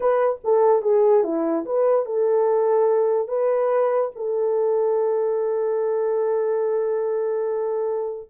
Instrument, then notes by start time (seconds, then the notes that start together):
horn
0.00 B4
0.44 A4
0.82 G#4
1.23 E4
1.65 B4
2.05 A4
3.28 B4
4.15 A4